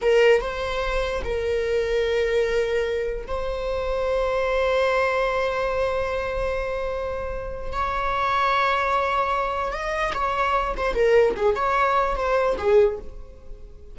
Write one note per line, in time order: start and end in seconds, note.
0.01 0.41 A#4
0.41 1.22 C5
1.24 3.26 A#4
3.27 7.72 C5
7.72 9.72 C#5
9.72 10.13 D#5
10.14 10.75 C#5
10.76 10.94 C5
10.94 11.34 A#4
11.36 11.55 G#4
11.55 12.15 C#5
12.15 12.56 C5
12.57 12.98 G#4